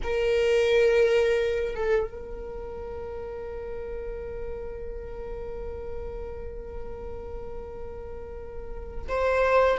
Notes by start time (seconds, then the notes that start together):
0.03 A#4
1.75 A4
2.09 A#4
9.08 C5